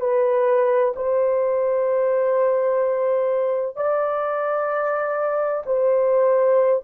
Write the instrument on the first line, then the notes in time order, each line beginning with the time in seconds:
horn
0.00 B4
0.96 C5
3.76 D5
5.65 C5